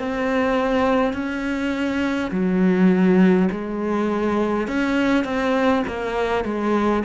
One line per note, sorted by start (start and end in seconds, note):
0.00 1.14 C4
1.14 2.32 C#4
2.32 3.49 F#3
3.52 4.68 G#3
4.68 5.25 C#4
5.25 5.84 C4
5.88 6.45 A#3
6.45 7.04 G#3